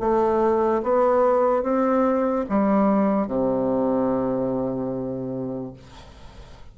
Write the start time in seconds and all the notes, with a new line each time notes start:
0.00 A3
0.83 B3
1.63 C4
2.50 G3
3.27 C3